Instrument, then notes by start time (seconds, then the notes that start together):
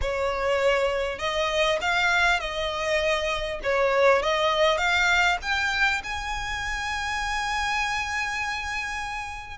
violin
0.01 C#5
1.18 D#5
1.81 F5
2.40 D#5
3.63 C#5
4.22 D#5
4.77 F5
5.42 G5
6.03 G#5